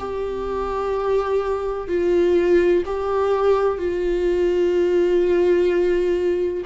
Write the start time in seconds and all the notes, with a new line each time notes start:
0.00 G4
1.89 F4
2.86 G4
3.78 F4